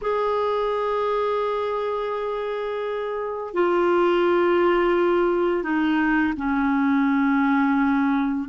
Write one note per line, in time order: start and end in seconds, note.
0.01 3.53 G#4
3.53 5.63 F4
5.63 6.33 D#4
6.37 8.48 C#4